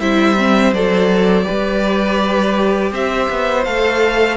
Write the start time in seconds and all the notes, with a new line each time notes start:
0.00 G3 E4 C5 E5
0.37 C4
0.72 F#3 A4 D5
1.43 G4 B4
1.50 G3
2.92 C4 C5 E5
3.30 B3
3.64 A3 A4 F5